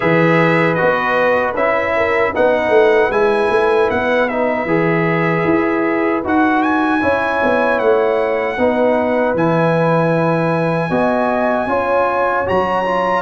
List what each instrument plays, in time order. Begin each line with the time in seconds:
0.00 tuba E3, trombone G#4, horn B4, trumpet E5
0.74 trombone F#4, trumpet D#5
0.81 tuba B3
1.53 tuba C#4, trombone E4, trumpet E5
1.96 horn A#4
2.33 tuba B3, trombone D#4, horn B4, trumpet F#5
2.69 tuba A3
3.10 tuba G#3, trombone E4, trumpet G#5
3.50 tuba A3
3.89 tuba B3, trumpet F#5
4.28 trombone D#4, trumpet E5
4.65 tuba E3, trombone G#4
5.44 tuba E4
6.24 tuba D#4, trombone F#4, trumpet F#5
6.62 trumpet G#5
7.00 tuba C#4, trombone E4, horn C#5
7.43 tuba B3
7.78 tuba A3, trumpet F#5
8.57 tuba B3, trombone D#4, horn B4
9.34 tuba E3, trombone E4, trumpet G#5
10.90 tuba B3, trombone F#4, horn D#5
11.66 tuba C#4, trombone F4, horn C#5
12.45 tuba F#3, trombone F#4, trumpet A#5
12.85 trombone F4